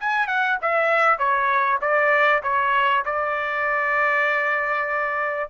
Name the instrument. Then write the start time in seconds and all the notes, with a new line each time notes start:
trumpet
0.00 G#5
0.27 F#5
0.62 E5
1.18 C#5
1.81 D5
2.43 C#5
3.05 D5